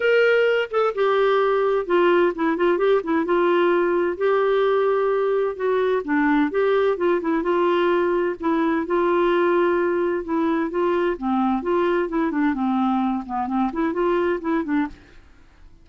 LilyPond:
\new Staff \with { instrumentName = "clarinet" } { \time 4/4 \tempo 4 = 129 ais'4. a'8 g'2 | f'4 e'8 f'8 g'8 e'8 f'4~ | f'4 g'2. | fis'4 d'4 g'4 f'8 e'8 |
f'2 e'4 f'4~ | f'2 e'4 f'4 | c'4 f'4 e'8 d'8 c'4~ | c'8 b8 c'8 e'8 f'4 e'8 d'8 | }